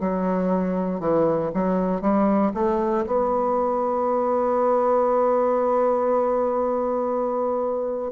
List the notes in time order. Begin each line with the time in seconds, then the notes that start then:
0.00 F#3
1.00 E3
1.54 F#3
2.01 G3
2.54 A3
3.06 B3